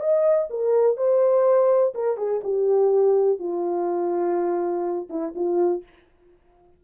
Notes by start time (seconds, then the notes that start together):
0.00 D#5
0.50 A#4
0.97 C5
1.94 A#4
2.17 G#4
2.44 G4
3.39 F4
5.10 E4
5.35 F4